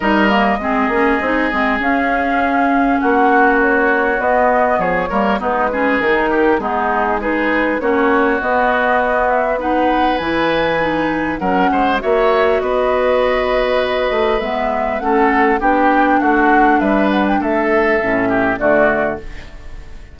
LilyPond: <<
  \new Staff \with { instrumentName = "flute" } { \time 4/4 \tempo 4 = 100 dis''2. f''4~ | f''4 fis''4 cis''4 dis''4 | cis''4 b'4 ais'4 gis'4 | b'4 cis''4 dis''4. e''8 |
fis''4 gis''2 fis''4 | e''4 dis''2. | e''4 fis''4 g''4 fis''4 | e''8 fis''16 g''16 e''2 d''4 | }
  \new Staff \with { instrumentName = "oboe" } { \time 4/4 ais'4 gis'2.~ | gis'4 fis'2. | gis'8 ais'8 dis'8 gis'4 g'8 dis'4 | gis'4 fis'2. |
b'2. ais'8 c''8 | cis''4 b'2.~ | b'4 a'4 g'4 fis'4 | b'4 a'4. g'8 fis'4 | }
  \new Staff \with { instrumentName = "clarinet" } { \time 4/4 dis'8 ais8 c'8 cis'8 dis'8 c'8 cis'4~ | cis'2. b4~ | b8 ais8 b8 cis'8 dis'4 b4 | dis'4 cis'4 b2 |
dis'4 e'4 dis'4 cis'4 | fis'1 | b4 cis'4 d'2~ | d'2 cis'4 a4 | }
  \new Staff \with { instrumentName = "bassoon" } { \time 4/4 g4 gis8 ais8 c'8 gis8 cis'4~ | cis'4 ais2 b4 | f8 g8 gis4 dis4 gis4~ | gis4 ais4 b2~ |
b4 e2 fis8 gis8 | ais4 b2~ b8 a8 | gis4 a4 b4 a4 | g4 a4 a,4 d4 | }
>>